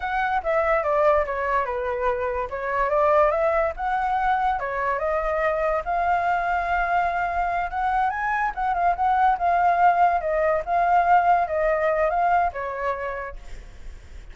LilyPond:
\new Staff \with { instrumentName = "flute" } { \time 4/4 \tempo 4 = 144 fis''4 e''4 d''4 cis''4 | b'2 cis''4 d''4 | e''4 fis''2 cis''4 | dis''2 f''2~ |
f''2~ f''8 fis''4 gis''8~ | gis''8 fis''8 f''8 fis''4 f''4.~ | f''8 dis''4 f''2 dis''8~ | dis''4 f''4 cis''2 | }